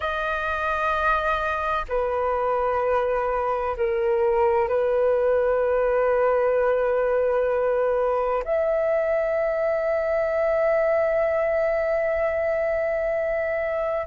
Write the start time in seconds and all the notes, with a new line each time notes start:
0.00 D#5
1.88 B4
3.76 A#4
4.68 B4
8.44 E5